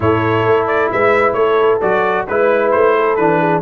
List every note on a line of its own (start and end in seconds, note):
0.00 0.45 A2
0.00 1.81 E4
0.00 0.92 A4
0.00 0.67 C#5
0.45 0.91 A3
0.67 0.89 D5
0.91 1.34 G#3
0.91 1.34 B4
0.91 1.33 E5
1.33 1.79 A3
1.33 2.25 A4
1.33 1.78 C#5
1.81 2.27 F#3
1.81 2.27 F#4
1.81 2.26 D5
2.27 2.74 G#3
2.27 3.18 E4
2.27 2.71 B4
2.27 2.96 B4
2.71 3.17 A3
2.71 3.16 C5
2.96 3.39 A4
3.16 3.62 E3
3.16 3.62 D4
3.16 3.61 B4
3.39 3.62 G#4